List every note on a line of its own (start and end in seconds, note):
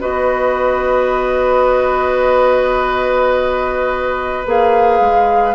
0.00 4.46 B3
0.00 4.44 F#4
0.00 5.55 B4
0.00 4.46 D#5
4.46 5.00 A#3
4.46 5.55 G#4
4.46 5.55 F5
5.00 5.55 G#3